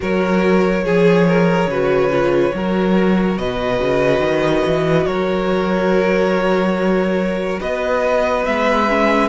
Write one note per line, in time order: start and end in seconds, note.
0.00 0.84 F#3
0.00 0.83 F#4
0.00 0.84 A#4
0.00 3.37 C#5
0.84 1.66 F3
0.84 1.26 G#4
0.84 1.71 G#4
1.27 1.69 A#4
1.66 2.51 C#3
1.66 2.11 F#4
1.66 2.54 B4
2.11 2.53 F4
2.54 3.37 F#3
2.54 8.45 F#4
2.54 3.38 A#4
3.37 3.79 B2
3.37 5.06 B4
3.37 5.06 D#5
3.80 4.19 C#3
4.19 4.62 D#3
4.65 5.05 E3
5.05 7.59 F#3
5.05 7.60 A#4
5.05 7.59 C#5
7.60 8.46 B3
7.60 9.28 B4
7.60 8.45 D#5
8.45 9.28 G#3
8.45 8.87 B3
8.45 9.28 E5
8.88 9.28 C#4